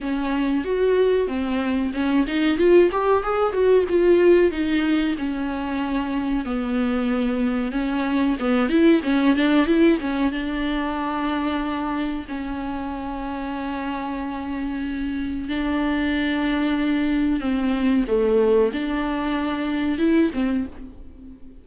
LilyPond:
\new Staff \with { instrumentName = "viola" } { \time 4/4 \tempo 4 = 93 cis'4 fis'4 c'4 cis'8 dis'8 | f'8 g'8 gis'8 fis'8 f'4 dis'4 | cis'2 b2 | cis'4 b8 e'8 cis'8 d'8 e'8 cis'8 |
d'2. cis'4~ | cis'1 | d'2. c'4 | a4 d'2 e'8 c'8 | }